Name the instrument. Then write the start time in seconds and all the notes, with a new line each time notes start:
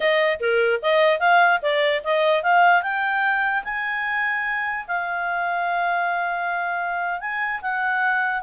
clarinet
0.00 D#5
0.40 A#4
0.82 D#5
1.19 F5
1.61 D5
2.03 D#5
2.43 F5
2.82 G5
3.64 G#5
4.87 F5
7.20 G#5
7.61 F#5